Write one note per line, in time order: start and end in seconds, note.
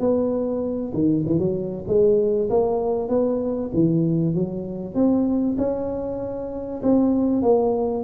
0.00 0.93 B3
0.94 1.25 D#3
1.26 1.39 E3
1.39 1.85 F#3
1.88 2.49 G#3
2.50 3.09 A#3
3.09 3.71 B3
3.74 4.35 E3
4.35 4.95 F#3
4.95 5.56 C4
5.58 6.82 C#4
6.83 7.42 C4
7.42 8.04 A#3